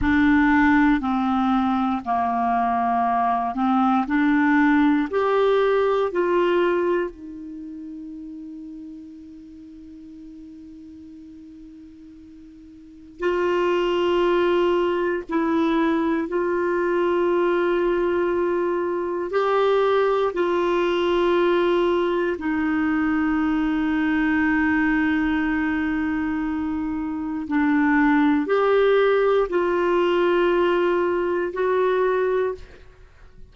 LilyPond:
\new Staff \with { instrumentName = "clarinet" } { \time 4/4 \tempo 4 = 59 d'4 c'4 ais4. c'8 | d'4 g'4 f'4 dis'4~ | dis'1~ | dis'4 f'2 e'4 |
f'2. g'4 | f'2 dis'2~ | dis'2. d'4 | g'4 f'2 fis'4 | }